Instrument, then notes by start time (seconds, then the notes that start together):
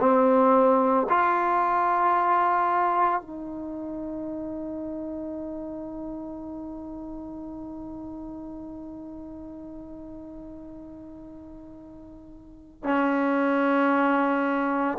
trombone
0.00 C4
1.10 F4
3.21 D#4
12.84 C#4